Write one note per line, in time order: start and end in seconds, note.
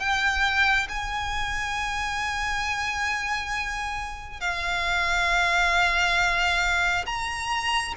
0.00 0.88 G5
0.89 4.41 G#5
4.41 7.05 F5
7.06 7.95 A#5